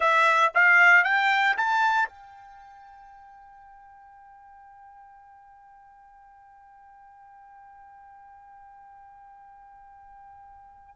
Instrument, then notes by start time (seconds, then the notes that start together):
trumpet
0.00 E5
0.54 F5
1.04 G5
1.57 A5
2.08 G5